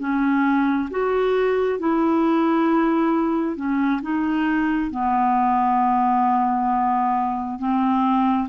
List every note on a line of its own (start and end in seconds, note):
0.00 0.90 C#4
0.91 1.80 F#4
1.80 3.56 E4
3.56 4.01 C#4
4.02 4.91 D#4
4.91 7.59 B3
7.59 8.49 C4